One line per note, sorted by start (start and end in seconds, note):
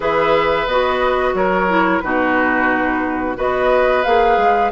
0.00 0.65 E3
0.00 0.67 G#4
0.00 1.34 B4
0.00 0.67 E5
0.66 1.33 B3
0.66 1.68 F#4
0.66 1.34 D#5
1.34 2.01 F#3
1.34 2.03 A#4
1.34 1.99 C#5
1.68 2.02 E4
1.99 3.37 B2
1.99 3.35 D#4
1.99 3.37 F#4
1.99 3.34 B4
3.35 4.04 B3
3.35 4.03 F#4
3.35 4.71 B4
3.35 4.03 D#5
4.03 4.37 A#3
4.03 4.71 G#4
4.03 4.71 F5
4.37 4.70 G#3